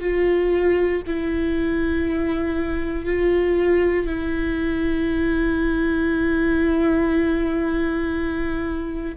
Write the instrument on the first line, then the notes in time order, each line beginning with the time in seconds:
viola
0.00 F4
1.06 E4
3.05 F4
4.06 E4